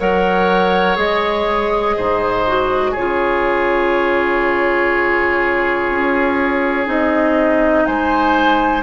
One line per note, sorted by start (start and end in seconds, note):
0.00 0.98 F#3
0.00 0.96 A#4
0.00 1.97 C#5
0.00 0.98 F#5
0.96 1.96 G#3
0.96 2.44 G#4
0.96 2.95 D#5
1.97 2.97 G#2
1.97 2.92 C5
2.48 2.97 F#4
2.92 5.90 C#3
2.92 6.86 F4
2.92 7.84 G#4
2.92 6.88 C#5
5.90 6.87 C#4
6.86 7.86 C4
6.86 8.83 D#4
6.86 7.86 D#5
7.86 8.83 G#3
7.86 8.83 C5
7.86 8.83 G#5